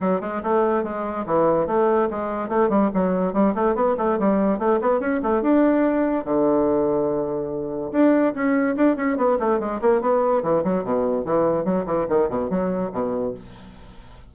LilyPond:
\new Staff \with { instrumentName = "bassoon" } { \time 4/4 \tempo 4 = 144 fis8 gis8 a4 gis4 e4 | a4 gis4 a8 g8 fis4 | g8 a8 b8 a8 g4 a8 b8 | cis'8 a8 d'2 d4~ |
d2. d'4 | cis'4 d'8 cis'8 b8 a8 gis8 ais8 | b4 e8 fis8 b,4 e4 | fis8 e8 dis8 b,8 fis4 b,4 | }